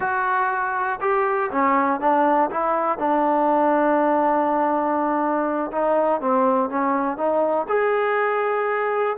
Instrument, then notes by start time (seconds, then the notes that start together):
trombone
0.00 F#4
1.01 G4
1.51 C#4
2.00 D4
2.50 E4
2.98 D4
5.71 D#4
6.20 C4
6.69 C#4
7.17 D#4
7.68 G#4